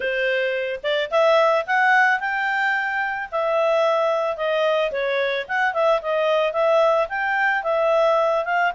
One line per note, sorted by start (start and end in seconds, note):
0.00 0.80 C5
0.83 1.10 D5
1.11 1.65 E5
1.66 2.19 F#5
2.19 3.29 G5
3.31 4.36 E5
4.36 4.91 D#5
4.91 5.46 C#5
5.47 5.73 F#5
5.73 6.00 E5
6.01 6.53 D#5
6.53 7.07 E5
7.08 7.63 G5
7.63 8.44 E5
8.44 8.71 F5